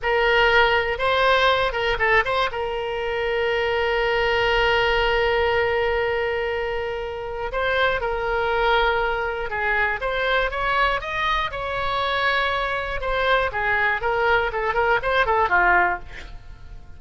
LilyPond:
\new Staff \with { instrumentName = "oboe" } { \time 4/4 \tempo 4 = 120 ais'2 c''4. ais'8 | a'8 c''8 ais'2.~ | ais'1~ | ais'2. c''4 |
ais'2. gis'4 | c''4 cis''4 dis''4 cis''4~ | cis''2 c''4 gis'4 | ais'4 a'8 ais'8 c''8 a'8 f'4 | }